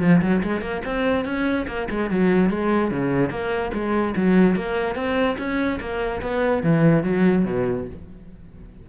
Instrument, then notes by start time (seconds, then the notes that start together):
cello
0.00 F3
0.21 F#3
0.43 G#3
0.61 A#3
0.85 C4
1.25 C#4
1.67 A#3
1.90 G#3
2.10 F#3
2.49 G#3
2.91 C#3
3.30 A#3
3.73 G#3
4.16 F#3
4.55 A#3
4.95 C4
5.38 C#4
5.80 A#3
6.21 B3
6.63 E3
7.03 F#3
7.45 B2